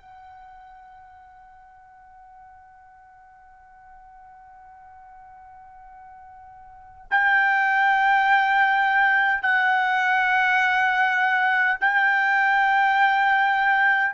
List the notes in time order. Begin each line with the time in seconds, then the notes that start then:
0.00 F#5
7.11 G5
9.43 F#5
11.81 G5